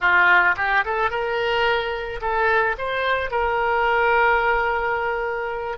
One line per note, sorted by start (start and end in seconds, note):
0.00 0.55 F4
0.57 0.84 G4
0.84 1.10 A4
1.10 2.20 A#4
2.21 2.76 A4
2.77 3.31 C5
3.31 5.77 A#4